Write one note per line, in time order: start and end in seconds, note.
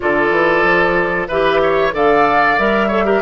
0.00 0.30 D3
0.00 1.28 F4
0.00 1.28 A4
0.00 1.27 D5
0.30 0.62 E3
0.62 1.27 F3
1.28 1.94 E3
1.28 1.91 G4
1.28 1.60 B4
1.28 1.92 E5
1.62 1.94 C#5
1.91 2.58 D3
1.91 2.56 A4
1.91 2.87 D5
1.91 2.58 F5
2.58 3.21 G3
2.58 2.90 A#4
2.58 3.21 E5
2.87 3.05 A4
2.87 3.03 C#5
3.05 3.21 G4
3.05 3.21 A#4